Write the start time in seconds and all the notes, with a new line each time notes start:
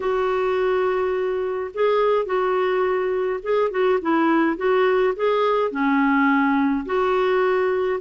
0.00 F#4
1.74 G#4
2.25 F#4
3.42 G#4
3.70 F#4
4.01 E4
4.56 F#4
5.16 G#4
5.71 C#4
6.85 F#4